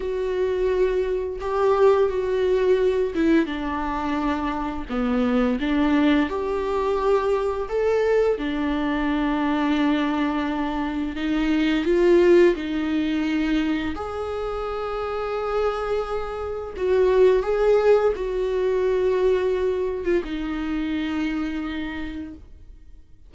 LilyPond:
\new Staff \with { instrumentName = "viola" } { \time 4/4 \tempo 4 = 86 fis'2 g'4 fis'4~ | fis'8 e'8 d'2 b4 | d'4 g'2 a'4 | d'1 |
dis'4 f'4 dis'2 | gis'1 | fis'4 gis'4 fis'2~ | fis'8. f'16 dis'2. | }